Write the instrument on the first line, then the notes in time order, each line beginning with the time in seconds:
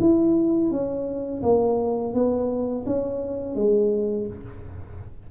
tuba
0.00 E4
0.71 C#4
1.43 A#3
2.14 B3
2.86 C#4
3.55 G#3